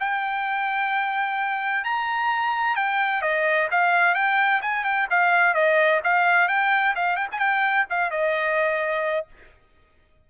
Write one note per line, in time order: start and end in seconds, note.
0.00 1.85 G5
1.85 2.76 A#5
2.76 3.22 G5
3.22 3.68 D#5
3.71 4.15 F5
4.15 4.62 G5
4.62 4.85 G#5
4.85 5.08 G5
5.11 5.54 F5
5.54 6.01 D#5
6.04 6.48 F5
6.48 6.95 G5
6.96 7.16 F5
7.16 7.28 G5
7.32 7.39 G#5
7.39 7.86 G5
7.90 8.11 F5
8.11 9.27 D#5